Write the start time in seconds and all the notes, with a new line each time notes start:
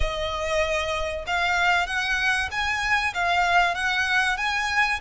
0.00 D#5
1.26 F5
1.86 F#5
2.51 G#5
3.13 F5
3.74 F#5
4.37 G#5